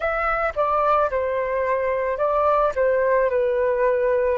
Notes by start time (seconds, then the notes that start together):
0.00 E5
0.55 D5
1.10 C5
2.17 D5
2.75 C5
3.30 B4